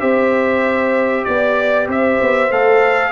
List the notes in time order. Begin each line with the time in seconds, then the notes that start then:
0.00 C4 G4 C5 E5
1.25 B3 D5
1.88 C4 C5 E5
2.21 B3
2.51 A3 A4 F5